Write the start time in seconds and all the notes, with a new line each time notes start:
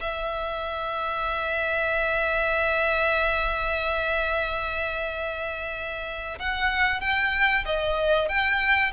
0.00 E5
6.39 F#5
7.00 G5
7.65 D#5
8.28 G5